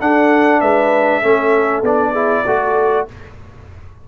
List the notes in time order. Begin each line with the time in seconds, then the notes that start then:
0.00 D4 A4 F#5
0.61 G#3 B4 E5
1.22 A3 C#4 A4
1.82 B3 D4 D5
2.12 E4 G#4
2.46 A3 F#4 A4